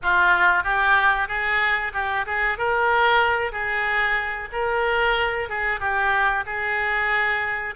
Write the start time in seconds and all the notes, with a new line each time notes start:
0.02 F4
0.63 G4
1.27 G#4
1.93 G4
2.26 G#4
2.58 A#4
3.52 G#4
4.52 A#4
5.49 G#4
5.79 G4
6.45 G#4